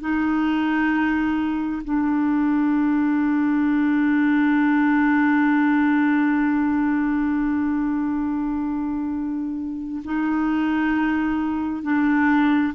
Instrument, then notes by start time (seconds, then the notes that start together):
clarinet
0.00 D#4
1.84 D4
10.04 D#4
11.82 D4